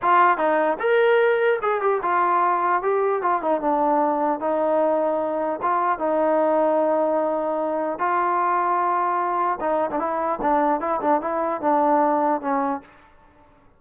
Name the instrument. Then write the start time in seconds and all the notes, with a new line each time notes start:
trombone
0.01 F4
0.37 D#4
0.79 A#4
1.62 G#4
1.81 G4
2.02 F4
2.82 G4
3.21 F4
3.41 D#4
3.61 D4
4.39 D#4
5.62 F4
5.98 D#4
7.98 F4
9.60 D#4
9.90 D4
9.99 E4
10.41 D4
10.80 E4
11.01 D4
11.21 E4
11.61 D4
12.41 C#4